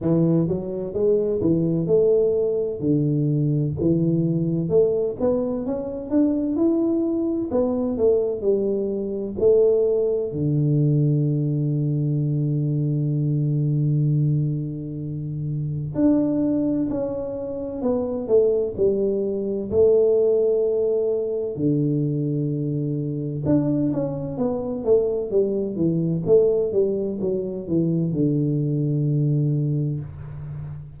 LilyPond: \new Staff \with { instrumentName = "tuba" } { \time 4/4 \tempo 4 = 64 e8 fis8 gis8 e8 a4 d4 | e4 a8 b8 cis'8 d'8 e'4 | b8 a8 g4 a4 d4~ | d1~ |
d4 d'4 cis'4 b8 a8 | g4 a2 d4~ | d4 d'8 cis'8 b8 a8 g8 e8 | a8 g8 fis8 e8 d2 | }